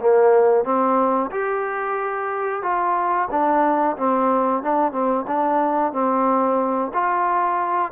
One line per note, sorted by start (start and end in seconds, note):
0.00 0.64 A#3
0.64 1.30 C4
1.31 2.62 G4
2.62 3.28 F4
3.31 3.97 D4
3.97 4.63 C4
4.63 4.92 D4
4.92 5.25 C4
5.27 5.93 D4
5.93 6.91 C4
6.94 7.92 F4